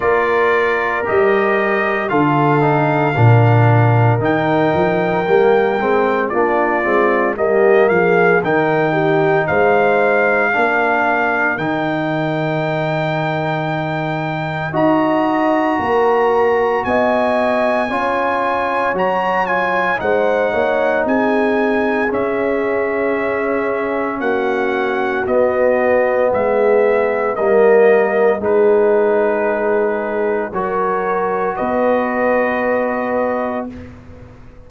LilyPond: <<
  \new Staff \with { instrumentName = "trumpet" } { \time 4/4 \tempo 4 = 57 d''4 dis''4 f''2 | g''2 d''4 dis''8 f''8 | g''4 f''2 g''4~ | g''2 ais''2 |
gis''2 ais''8 gis''8 fis''4 | gis''4 e''2 fis''4 | dis''4 e''4 dis''4 b'4~ | b'4 cis''4 dis''2 | }
  \new Staff \with { instrumentName = "horn" } { \time 4/4 ais'2 a'4 ais'4~ | ais'2 f'4 g'8 gis'8 | ais'8 g'8 c''4 ais'2~ | ais'2 dis''4 ais'4 |
dis''4 cis''2 c''8 cis''8 | gis'2. fis'4~ | fis'4 gis'4 ais'4 gis'4~ | gis'4 ais'4 b'2 | }
  \new Staff \with { instrumentName = "trombone" } { \time 4/4 f'4 g'4 f'8 dis'8 d'4 | dis'4 ais8 c'8 d'8 c'8 ais4 | dis'2 d'4 dis'4~ | dis'2 fis'2~ |
fis'4 f'4 fis'8 f'8 dis'4~ | dis'4 cis'2. | b2 ais4 dis'4~ | dis'4 fis'2. | }
  \new Staff \with { instrumentName = "tuba" } { \time 4/4 ais4 g4 d4 ais,4 | dis8 f8 g8 gis8 ais8 gis8 g8 f8 | dis4 gis4 ais4 dis4~ | dis2 dis'4 ais4 |
b4 cis'4 fis4 gis8 ais8 | c'4 cis'2 ais4 | b4 gis4 g4 gis4~ | gis4 fis4 b2 | }
>>